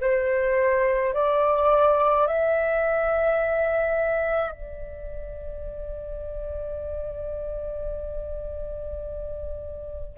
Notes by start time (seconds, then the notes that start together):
0.00 C5
1.13 D5
2.26 E5
4.51 D5